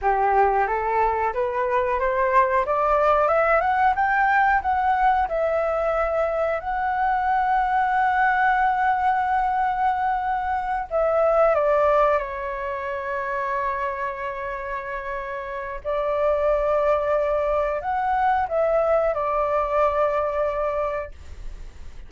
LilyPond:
\new Staff \with { instrumentName = "flute" } { \time 4/4 \tempo 4 = 91 g'4 a'4 b'4 c''4 | d''4 e''8 fis''8 g''4 fis''4 | e''2 fis''2~ | fis''1~ |
fis''8 e''4 d''4 cis''4.~ | cis''1 | d''2. fis''4 | e''4 d''2. | }